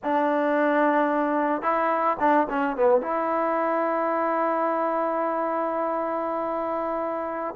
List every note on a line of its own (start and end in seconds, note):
0.03 1.61 D4
1.61 2.16 E4
2.19 2.47 D4
2.49 2.76 C#4
2.76 3.01 B3
3.01 7.55 E4